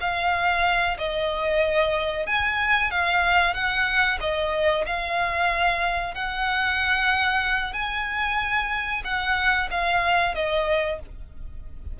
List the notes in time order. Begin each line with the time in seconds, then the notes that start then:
0.00 F5
0.98 D#5
2.26 G#5
2.91 F5
3.54 F#5
4.20 D#5
4.86 F5
6.14 F#5
7.73 G#5
9.04 F#5
9.71 F5
10.35 D#5